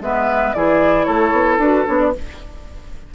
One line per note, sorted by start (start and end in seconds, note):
0.00 0.53 G#3
0.00 0.55 B3
0.00 0.56 B4
0.00 0.53 E5
0.53 1.07 E3
0.53 1.61 E4
0.53 1.06 G#4
0.53 1.04 D5
1.04 1.32 A3
1.04 2.11 A4
1.04 1.56 C#5
1.32 1.58 B3
1.58 1.84 D4
1.58 1.86 F#4
1.58 1.86 B4
1.86 2.14 B3
1.86 2.12 D4
1.86 1.99 C#5
1.99 2.12 D5